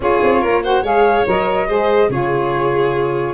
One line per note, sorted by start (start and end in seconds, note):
0.00 0.19 C#4
0.00 0.63 F4
0.00 0.41 G#4
0.00 0.63 C#5
0.22 0.43 C4
0.41 0.83 A#3
0.41 0.62 A#4
0.63 0.82 F#4
0.63 0.83 C5
0.63 0.84 F#5
0.82 1.24 G#3
0.82 1.24 G#4
0.82 1.67 C#5
0.82 1.27 F5
1.26 1.69 F#3
1.26 1.67 A#4
1.26 2.11 D#5
1.67 2.08 G#3
1.67 2.09 G#4
1.67 2.10 C5
2.08 3.33 C#3
2.08 3.33 F4
2.08 3.33 G#4
2.08 3.33 C#5